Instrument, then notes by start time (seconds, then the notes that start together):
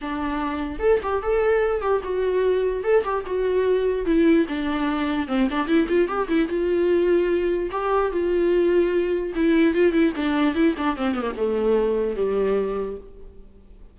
viola
0.01 D4
0.79 A4
1.02 G4
1.22 A4
1.81 G4
2.03 F#4
2.83 A4
3.04 G4
3.25 F#4
4.05 E4
4.48 D4
5.27 C4
5.50 D4
5.67 E4
5.88 F4
6.08 G4
6.28 E4
6.48 F4
7.71 G4
8.11 F4
9.35 E4
9.74 F4
9.92 E4
10.16 D4
10.54 E4
10.77 D4
10.96 C4
11.15 B3
11.21 A#3
11.36 A3
12.15 G3